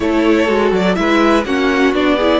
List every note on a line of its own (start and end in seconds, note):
0.00 0.48 A3
0.00 0.47 E4
0.00 0.97 A4
0.00 0.72 C#5
0.47 0.72 G#3
0.47 0.95 F#4
0.72 0.96 F#3
0.72 0.95 D5
0.95 1.44 G#3
0.95 1.43 E4
0.95 1.46 B4
0.95 1.43 E5
1.44 1.93 A#3
1.44 1.94 C#4
1.44 2.16 F#4
1.44 1.94 F#5
1.93 2.40 B3
1.93 2.18 D4
1.93 2.40 D5
2.16 2.40 E4
2.16 2.40 G#4